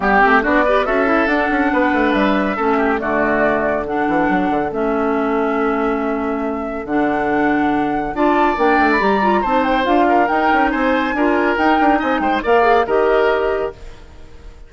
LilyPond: <<
  \new Staff \with { instrumentName = "flute" } { \time 4/4 \tempo 4 = 140 g'4 d''4 e''4 fis''4~ | fis''4 e''2 d''4~ | d''4 fis''2 e''4~ | e''1 |
fis''2. a''4 | g''8. b''16 ais''4 a''8 g''8 f''4 | g''4 gis''2 g''4 | gis''8 g''8 f''4 dis''2 | }
  \new Staff \with { instrumentName = "oboe" } { \time 4/4 g'4 fis'8 b'8 a'2 | b'2 a'8 g'8 fis'4~ | fis'4 a'2.~ | a'1~ |
a'2. d''4~ | d''2 c''4. ais'8~ | ais'4 c''4 ais'2 | dis''8 c''8 d''4 ais'2 | }
  \new Staff \with { instrumentName = "clarinet" } { \time 4/4 b8 c'8 d'8 g'8 fis'8 e'8 d'4~ | d'2 cis'4 a4~ | a4 d'2 cis'4~ | cis'1 |
d'2. f'4 | d'4 g'8 f'8 dis'4 f'4 | dis'2 f'4 dis'4~ | dis'4 ais'8 gis'8 g'2 | }
  \new Staff \with { instrumentName = "bassoon" } { \time 4/4 g8 a8 b4 cis'4 d'8 cis'8 | b8 a8 g4 a4 d4~ | d4. e8 fis8 d8 a4~ | a1 |
d2. d'4 | ais8 a8 g4 c'4 d'4 | dis'8 cis'8 c'4 d'4 dis'8 d'8 | c'8 gis8 ais4 dis2 | }
>>